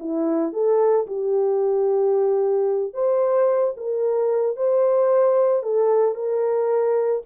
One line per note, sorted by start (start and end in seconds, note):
0.00 0.53 E4
0.53 1.07 A4
1.07 2.94 G4
2.94 3.74 C5
3.77 4.57 A#4
4.57 5.63 C5
5.63 6.15 A4
6.15 7.22 A#4